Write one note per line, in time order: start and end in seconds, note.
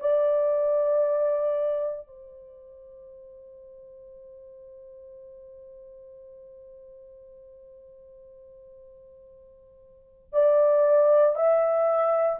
0.00 2.07 D5
2.07 10.33 C5
10.33 11.35 D5
11.35 12.39 E5